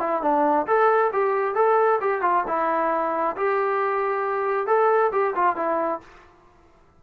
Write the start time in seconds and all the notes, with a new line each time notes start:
0.00 E4
0.22 D4
0.67 A4
1.13 G4
1.55 A4
2.01 G4
2.22 F4
2.47 E4
3.37 G4
4.67 A4
5.12 G4
5.35 F4
5.56 E4